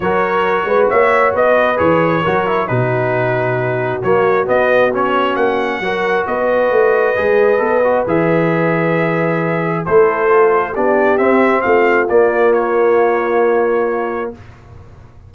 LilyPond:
<<
  \new Staff \with { instrumentName = "trumpet" } { \time 4/4 \tempo 4 = 134 cis''2 e''4 dis''4 | cis''2 b'2~ | b'4 cis''4 dis''4 cis''4 | fis''2 dis''2~ |
dis''2 e''2~ | e''2 c''2 | d''4 e''4 f''4 d''4 | cis''1 | }
  \new Staff \with { instrumentName = "horn" } { \time 4/4 ais'4. b'8 cis''4 b'4~ | b'4 ais'4 fis'2~ | fis'1~ | fis'4 ais'4 b'2~ |
b'1~ | b'2 a'2 | g'2 f'2~ | f'1 | }
  \new Staff \with { instrumentName = "trombone" } { \time 4/4 fis'1 | gis'4 fis'8 e'8 dis'2~ | dis'4 ais4 b4 cis'4~ | cis'4 fis'2. |
gis'4 a'8 fis'8 gis'2~ | gis'2 e'4 f'4 | d'4 c'2 ais4~ | ais1 | }
  \new Staff \with { instrumentName = "tuba" } { \time 4/4 fis4. gis8 ais4 b4 | e4 fis4 b,2~ | b,4 fis4 b2 | ais4 fis4 b4 a4 |
gis4 b4 e2~ | e2 a2 | b4 c'4 a4 ais4~ | ais1 | }
>>